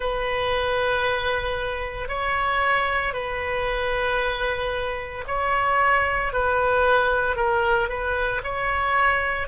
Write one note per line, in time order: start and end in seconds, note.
0.00 2.08 B4
2.08 3.13 C#5
3.13 5.24 B4
5.27 6.32 C#5
6.32 7.36 B4
7.36 7.89 A#4
7.89 8.41 B4
8.43 9.47 C#5